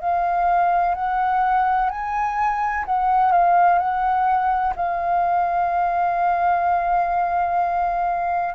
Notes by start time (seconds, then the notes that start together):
0.00 F5
0.94 F#5
1.89 G#5
2.85 F#5
3.32 F5
3.78 F#5
4.75 F5